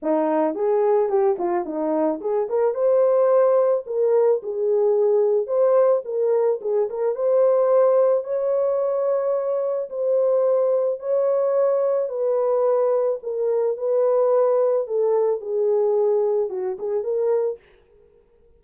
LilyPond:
\new Staff \with { instrumentName = "horn" } { \time 4/4 \tempo 4 = 109 dis'4 gis'4 g'8 f'8 dis'4 | gis'8 ais'8 c''2 ais'4 | gis'2 c''4 ais'4 | gis'8 ais'8 c''2 cis''4~ |
cis''2 c''2 | cis''2 b'2 | ais'4 b'2 a'4 | gis'2 fis'8 gis'8 ais'4 | }